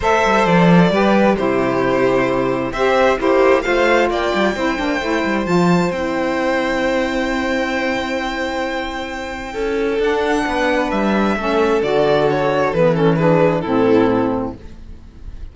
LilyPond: <<
  \new Staff \with { instrumentName = "violin" } { \time 4/4 \tempo 4 = 132 e''4 d''2 c''4~ | c''2 e''4 c''4 | f''4 g''2. | a''4 g''2.~ |
g''1~ | g''2 fis''2 | e''2 d''4 cis''4 | b'8 a'8 b'4 a'2 | }
  \new Staff \with { instrumentName = "violin" } { \time 4/4 c''2 b'4 g'4~ | g'2 c''4 g'4 | c''4 d''4 c''2~ | c''1~ |
c''1~ | c''4 a'2 b'4~ | b'4 a'2.~ | a'4 gis'4 e'2 | }
  \new Staff \with { instrumentName = "saxophone" } { \time 4/4 a'2 g'4 e'4~ | e'2 g'4 e'4 | f'2 e'8 d'8 e'4 | f'4 e'2.~ |
e'1~ | e'2 d'2~ | d'4 cis'4 fis'2 | b8 cis'8 d'4 c'2 | }
  \new Staff \with { instrumentName = "cello" } { \time 4/4 a8 g8 f4 g4 c4~ | c2 c'4 ais4 | a4 ais8 g8 c'8 ais8 a8 g8 | f4 c'2.~ |
c'1~ | c'4 cis'4 d'4 b4 | g4 a4 d2 | e2 a,2 | }
>>